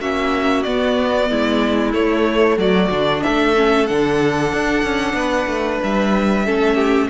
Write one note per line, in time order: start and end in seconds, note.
0.00 0.65 A#3
0.00 0.65 C#4
0.00 1.29 F#4
0.00 0.63 E5
0.63 1.30 B3
0.63 1.93 B3
0.63 1.92 D5
1.30 1.94 G#3
1.30 2.59 E4
1.93 2.90 A3
1.93 2.57 A3
1.93 2.58 C#5
2.57 2.89 F#3
2.57 3.23 F#4
2.57 3.23 D5
2.90 3.22 D3
2.90 3.55 D4
3.23 3.90 A3
3.23 5.17 A4
3.23 3.87 E5
3.55 3.87 C#4
3.87 4.53 D3
3.87 6.46 D4
3.87 5.80 F#5
4.53 4.83 D4
4.83 5.13 C#4
5.13 5.45 B3
5.13 6.45 B4
5.47 5.79 A3
5.83 6.47 G3
5.83 7.09 E5
6.45 7.09 A3
6.45 7.09 C#4
6.45 6.75 A4
6.75 7.07 G4